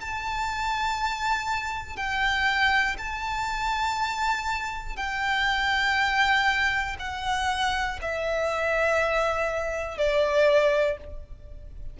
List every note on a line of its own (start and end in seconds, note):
0.00 1.96 A5
1.96 2.96 G5
2.98 4.96 A5
4.96 6.96 G5
6.99 7.99 F#5
8.01 9.98 E5
9.98 10.98 D5